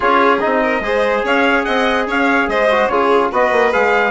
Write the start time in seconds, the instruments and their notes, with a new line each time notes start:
0.00 bassoon C#4, trombone F4, violin G#4, trumpet C#5
0.39 trombone D#4, trumpet D#5
0.45 bassoon C4
0.62 violin A#4
0.80 bassoon G#3, trombone G#4, violin C5
1.23 bassoon C#4, violin C#5, trumpet F5
1.64 bassoon C4, violin D#5, trumpet F#5
2.07 bassoon C#4, violin C#5, trumpet F5
2.47 bassoon G#3, violin C5, trumpet D#5
2.70 trombone F#4
2.88 bassoon C#3, trombone F4, violin G#4, trumpet C#5
3.31 bassoon B3, trombone F#4, violin B4, trumpet D#5
3.51 bassoon A#3
3.72 bassoon G#3, trombone G#4, trumpet F5